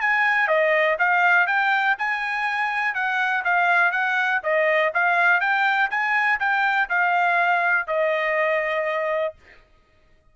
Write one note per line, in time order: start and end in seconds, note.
0.00 0.47 G#5
0.47 0.97 D#5
0.98 1.46 F5
1.46 1.96 G5
1.98 2.94 G#5
2.94 3.43 F#5
3.44 3.91 F5
3.91 4.40 F#5
4.43 4.92 D#5
4.94 5.40 F5
5.40 5.89 G5
5.90 6.39 G#5
6.39 6.88 G5
6.89 7.87 F5
7.87 9.34 D#5